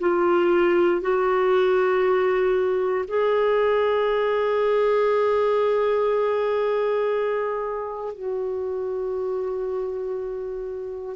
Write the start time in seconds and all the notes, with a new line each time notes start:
0.00 F4
1.02 F#4
3.08 G#4
8.15 F#4